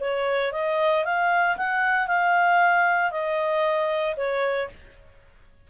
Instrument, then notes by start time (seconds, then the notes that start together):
clarinet
0.00 C#5
0.52 D#5
1.04 F5
1.57 F#5
2.07 F5
3.11 D#5
4.16 C#5